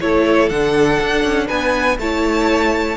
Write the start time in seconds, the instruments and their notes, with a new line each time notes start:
0.00 cello A3, viola E4, violin A4 C#5
0.49 cello D3, viola D4, violin F#5
1.00 cello D4
1.23 cello C#4
1.47 cello B3, violin B4 G#5
1.98 cello A3, viola E4, violin C#5 A5